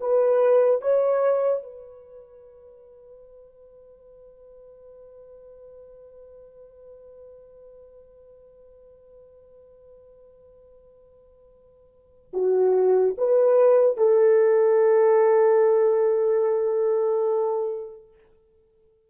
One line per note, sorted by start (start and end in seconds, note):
0.00 0.81 B4
0.81 1.63 C#5
1.63 12.31 B4
12.33 13.15 F#4
13.17 13.97 B4
13.97 18.08 A4